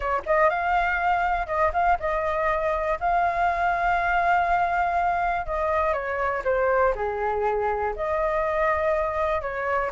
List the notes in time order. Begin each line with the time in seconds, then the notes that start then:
0.00 C#5
0.26 D#5
0.49 F5
1.47 D#5
1.73 F5
1.99 D#5
3.00 F5
5.46 D#5
5.93 C#5
6.44 C5
6.95 G#4
7.96 D#5
9.41 C#5